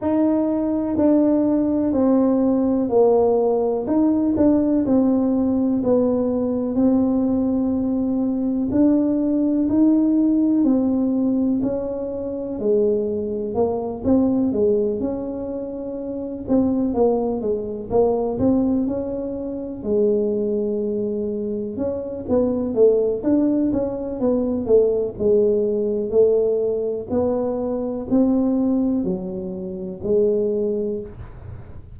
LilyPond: \new Staff \with { instrumentName = "tuba" } { \time 4/4 \tempo 4 = 62 dis'4 d'4 c'4 ais4 | dis'8 d'8 c'4 b4 c'4~ | c'4 d'4 dis'4 c'4 | cis'4 gis4 ais8 c'8 gis8 cis'8~ |
cis'4 c'8 ais8 gis8 ais8 c'8 cis'8~ | cis'8 gis2 cis'8 b8 a8 | d'8 cis'8 b8 a8 gis4 a4 | b4 c'4 fis4 gis4 | }